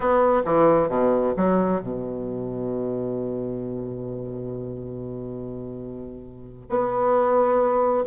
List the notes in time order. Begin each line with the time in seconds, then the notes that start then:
0.00 B3
0.45 E3
0.89 B2
1.37 F#3
1.81 B2
6.69 B3